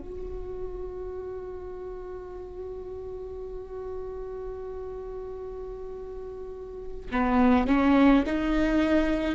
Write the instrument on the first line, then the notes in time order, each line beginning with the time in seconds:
viola
0.00 F#4
7.12 B3
7.68 C#4
8.26 D#4